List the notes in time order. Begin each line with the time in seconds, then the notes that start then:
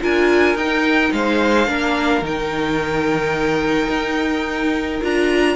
0.00 D4 F4 A#4 G#5
0.54 D#4 G5
1.12 G#3 C5 F5
1.67 A#3 D4 A#4
2.21 D#3 D#4 G5
3.88 D#4
5.01 D4 F4 A#5